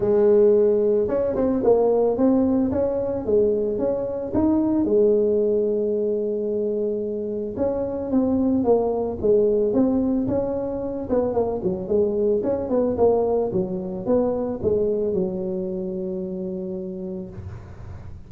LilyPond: \new Staff \with { instrumentName = "tuba" } { \time 4/4 \tempo 4 = 111 gis2 cis'8 c'8 ais4 | c'4 cis'4 gis4 cis'4 | dis'4 gis2.~ | gis2 cis'4 c'4 |
ais4 gis4 c'4 cis'4~ | cis'8 b8 ais8 fis8 gis4 cis'8 b8 | ais4 fis4 b4 gis4 | fis1 | }